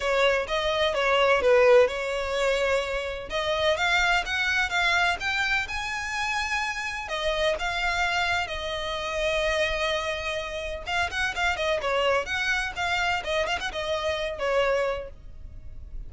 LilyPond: \new Staff \with { instrumentName = "violin" } { \time 4/4 \tempo 4 = 127 cis''4 dis''4 cis''4 b'4 | cis''2. dis''4 | f''4 fis''4 f''4 g''4 | gis''2. dis''4 |
f''2 dis''2~ | dis''2. f''8 fis''8 | f''8 dis''8 cis''4 fis''4 f''4 | dis''8 f''16 fis''16 dis''4. cis''4. | }